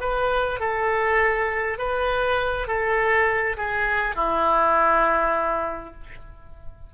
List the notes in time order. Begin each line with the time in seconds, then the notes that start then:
0.00 B4
0.59 A4
1.78 B4
2.67 A4
3.56 G#4
4.15 E4